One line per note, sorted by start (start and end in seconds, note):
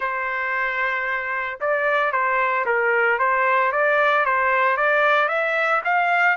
0.00 1.59 C5
1.60 2.12 D5
2.12 2.65 C5
2.65 3.18 A#4
3.18 3.71 C5
3.72 4.25 D5
4.25 4.76 C5
4.76 5.28 D5
5.28 5.81 E5
5.84 6.36 F5